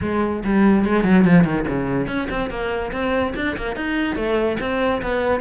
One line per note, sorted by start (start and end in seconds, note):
0.01 0.43 G#3
0.44 0.85 G3
0.85 1.04 G#3
1.04 1.24 F#3
1.25 1.44 F3
1.44 1.65 D#3
1.68 2.07 C#3
2.07 2.28 C#4
2.30 2.50 C4
2.50 2.91 A#3
2.92 3.33 C4
3.35 3.56 D4
3.56 3.75 A#3
3.75 4.15 D#4
4.15 4.57 A3
4.59 5.01 C4
5.02 5.40 B3